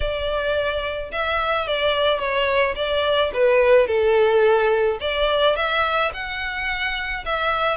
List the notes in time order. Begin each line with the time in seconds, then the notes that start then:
0.00 D5
1.11 E5
1.67 D5
2.19 C#5
2.75 D5
3.33 B4
3.87 A4
5.00 D5
5.56 E5
6.13 F#5
7.25 E5